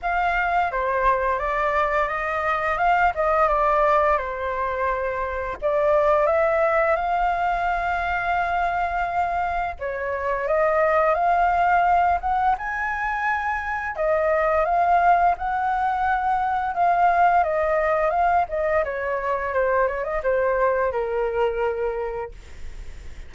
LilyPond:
\new Staff \with { instrumentName = "flute" } { \time 4/4 \tempo 4 = 86 f''4 c''4 d''4 dis''4 | f''8 dis''8 d''4 c''2 | d''4 e''4 f''2~ | f''2 cis''4 dis''4 |
f''4. fis''8 gis''2 | dis''4 f''4 fis''2 | f''4 dis''4 f''8 dis''8 cis''4 | c''8 cis''16 dis''16 c''4 ais'2 | }